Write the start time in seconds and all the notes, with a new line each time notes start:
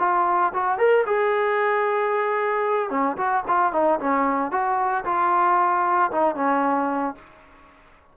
0.00 F4
0.54 F#4
0.79 A#4
1.06 G#4
2.90 C#4
3.17 F#4
3.48 F4
3.73 D#4
4.00 C#4
4.52 F#4
5.05 F4
6.12 D#4
6.36 C#4